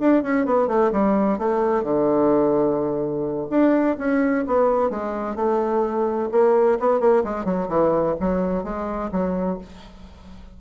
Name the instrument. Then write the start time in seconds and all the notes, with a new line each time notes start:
bassoon
0.00 D4
0.23 C#4
0.46 B3
0.68 A3
0.92 G3
1.38 A3
1.83 D3
3.50 D4
3.98 C#4
4.47 B3
4.90 G#3
5.35 A3
6.32 A#3
6.80 B3
7.00 A#3
7.24 G#3
7.45 F#3
7.69 E3
8.20 F#3
8.64 G#3
9.12 F#3